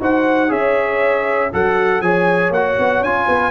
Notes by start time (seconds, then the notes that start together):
0.00 D#4 F#4 C5 F#5
0.48 C#4 G#4 C#5 E5
1.53 F#3 F#4 A4 F#5
2.01 F3 G#4 C#5 G#5
2.50 A#3 F#4 F#5
2.79 B3
3.01 C#4 F4 G#5
3.26 B3 B4